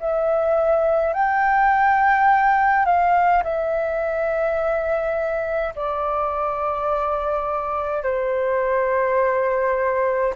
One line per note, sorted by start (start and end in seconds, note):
0.00 1.14 E5
1.14 2.86 G5
2.86 3.44 F5
3.44 5.75 E5
5.76 8.03 D5
8.03 10.34 C5